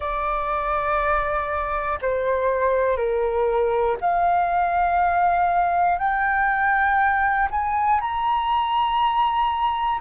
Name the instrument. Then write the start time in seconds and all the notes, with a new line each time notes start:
flute
0.00 D5
2.01 C5
2.96 A#4
4.00 F5
5.98 G5
7.50 G#5
8.00 A#5